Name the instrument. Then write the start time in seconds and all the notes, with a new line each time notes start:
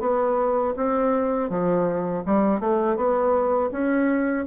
bassoon
0.00 B3
0.76 C4
1.49 F3
2.26 G3
2.60 A3
2.96 B3
3.71 C#4